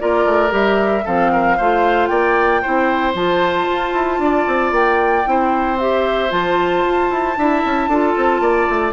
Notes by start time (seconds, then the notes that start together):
0.00 A#3 F4 A#4 D5
0.25 A3
0.50 G3 G4 E5
1.05 F3 C4 A4 F5
1.33 A#4
1.57 A3 F4 C5
2.07 A#3 D5 G5
2.62 C4 E4 C5
3.15 F3 F4 A5
3.71 F4
3.94 E4
4.19 D4 D5
4.48 C4
4.72 A#3 G5
5.25 C4 E4 C5
5.79 G4 E5
6.30 F3 F4 A5
6.86 F4
7.11 E4
7.37 D4 E4 E5
7.65 C#4
7.88 D4 F4 A4
8.18 C4
8.41 A#3 D5
8.70 A3